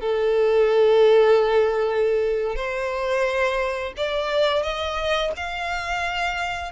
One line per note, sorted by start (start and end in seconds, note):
0.00 2.55 A4
2.55 3.93 C5
3.97 4.62 D5
4.62 5.31 D#5
5.36 6.71 F5